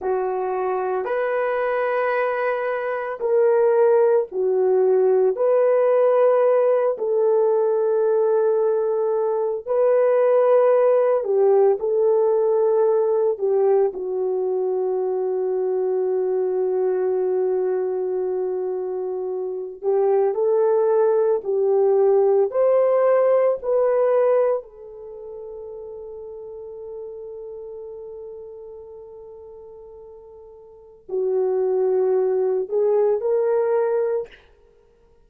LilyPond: \new Staff \with { instrumentName = "horn" } { \time 4/4 \tempo 4 = 56 fis'4 b'2 ais'4 | fis'4 b'4. a'4.~ | a'4 b'4. g'8 a'4~ | a'8 g'8 fis'2.~ |
fis'2~ fis'8 g'8 a'4 | g'4 c''4 b'4 a'4~ | a'1~ | a'4 fis'4. gis'8 ais'4 | }